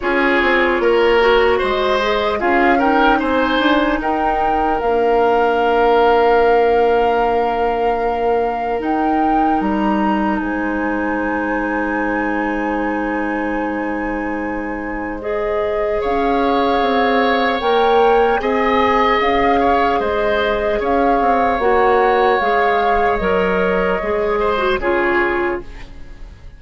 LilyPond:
<<
  \new Staff \with { instrumentName = "flute" } { \time 4/4 \tempo 4 = 75 cis''2 dis''4 f''8 g''8 | gis''4 g''4 f''2~ | f''2. g''4 | ais''4 gis''2.~ |
gis''2. dis''4 | f''2 g''4 gis''4 | f''4 dis''4 f''4 fis''4 | f''4 dis''2 cis''4 | }
  \new Staff \with { instrumentName = "oboe" } { \time 4/4 gis'4 ais'4 c''4 gis'8 ais'8 | c''4 ais'2.~ | ais'1~ | ais'4 c''2.~ |
c''1 | cis''2. dis''4~ | dis''8 cis''8 c''4 cis''2~ | cis''2~ cis''8 c''8 gis'4 | }
  \new Staff \with { instrumentName = "clarinet" } { \time 4/4 f'4. fis'4 gis'8 f'8 dis'8~ | dis'2 d'2~ | d'2. dis'4~ | dis'1~ |
dis'2. gis'4~ | gis'2 ais'4 gis'4~ | gis'2. fis'4 | gis'4 ais'4 gis'8. fis'16 f'4 | }
  \new Staff \with { instrumentName = "bassoon" } { \time 4/4 cis'8 c'8 ais4 gis4 cis'4 | c'8 d'8 dis'4 ais2~ | ais2. dis'4 | g4 gis2.~ |
gis1 | cis'4 c'4 ais4 c'4 | cis'4 gis4 cis'8 c'8 ais4 | gis4 fis4 gis4 cis4 | }
>>